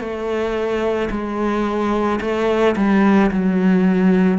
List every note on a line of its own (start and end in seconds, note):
0.00 1.09 A3
1.11 2.20 G#3
2.21 2.76 A3
2.77 3.31 G3
3.31 4.39 F#3